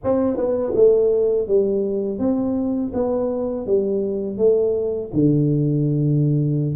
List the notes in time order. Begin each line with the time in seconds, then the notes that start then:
0.04 C4
0.37 B3
0.75 A3
1.47 G3
2.18 C4
2.93 B3
3.66 G3
4.37 A3
5.13 D3